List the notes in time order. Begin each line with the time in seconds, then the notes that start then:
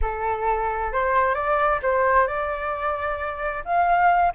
0.01 A4
0.92 C5
1.34 D5
1.82 C5
2.27 D5
3.64 F5